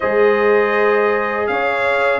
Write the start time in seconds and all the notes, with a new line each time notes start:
0.00 G#3 G#4 C5 D#5
1.47 C#4 C#5 F5